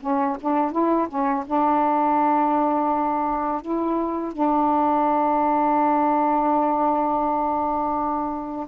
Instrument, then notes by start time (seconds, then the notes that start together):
saxophone
0.00 C#4
0.40 D4
0.71 E4
1.08 C#4
1.46 D4
3.61 E4
4.32 D4